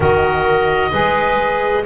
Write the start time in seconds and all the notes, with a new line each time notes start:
0.00 D#3 F#4 A#4 D#5
0.91 G#3 G#4 B4